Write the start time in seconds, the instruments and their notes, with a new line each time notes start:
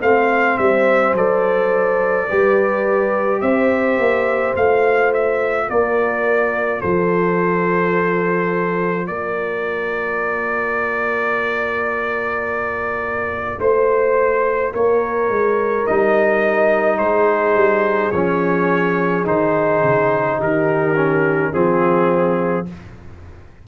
0.00 tuba A3, trombone C4, horn C5, trumpet F5
0.58 tuba G3, trumpet E5
1.13 tuba F#3, trombone A4, trumpet D5
2.27 tuba G3, trombone G4, horn B4
3.41 tuba C4, horn C5, trumpet E5
3.98 tuba A#3
4.55 tuba A3, trombone F4, trumpet F5
5.13 trumpet E5
5.68 tuba A#3, horn A#4, trumpet D5
6.80 tuba F3, horn A4, trumpet C5
9.07 tuba A#3, horn A#4, trumpet D5
13.59 tuba A3, horn C5, trumpet C5
14.72 tuba A#3, horn A#4, trumpet C#5
15.29 tuba G#3
15.86 tuba G3, trombone D#4, trumpet D#5
16.98 tuba G#3, horn G#4, trumpet C5
17.55 tuba G3
18.11 tuba F3, trombone C#4, trumpet C#5
19.25 tuba D#3, trombone D#4, trumpet C5
19.83 tuba C#3
20.38 tuba D#3, horn G4, trumpet A#4
20.96 trombone C#4
21.52 tuba F3, trombone C4, horn F4, trumpet G#4